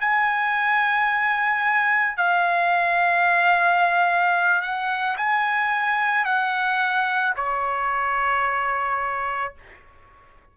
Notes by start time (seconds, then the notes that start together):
0.00 G#5
2.17 F5
4.62 F#5
5.17 G#5
6.25 F#5
7.36 C#5